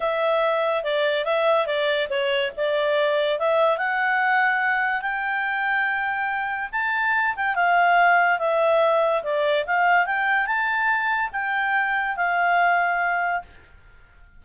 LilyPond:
\new Staff \with { instrumentName = "clarinet" } { \time 4/4 \tempo 4 = 143 e''2 d''4 e''4 | d''4 cis''4 d''2 | e''4 fis''2. | g''1 |
a''4. g''8 f''2 | e''2 d''4 f''4 | g''4 a''2 g''4~ | g''4 f''2. | }